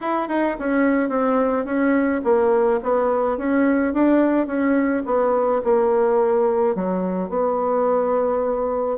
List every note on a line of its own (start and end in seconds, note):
0.00 0.28 E4
0.28 0.56 D#4
0.59 1.09 C#4
1.09 1.65 C4
1.65 2.21 C#4
2.24 2.80 A#3
2.83 3.37 B3
3.37 3.93 C#4
3.93 4.46 D4
4.46 5.02 C#4
5.05 5.61 B3
5.64 6.75 A#3
6.75 7.29 F#3
7.29 8.97 B3